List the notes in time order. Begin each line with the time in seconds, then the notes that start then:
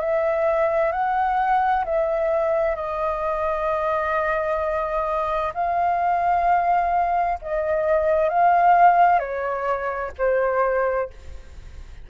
0.00 E5
0.92 F#5
1.85 E5
2.76 D#5
5.54 F5
7.42 D#5
8.29 F5
9.19 C#5
10.18 C5